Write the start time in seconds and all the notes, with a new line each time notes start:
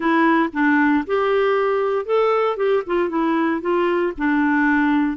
0.00 E4
0.52 D4
1.06 G4
2.05 A4
2.57 G4
2.86 F4
3.09 E4
3.61 F4
4.17 D4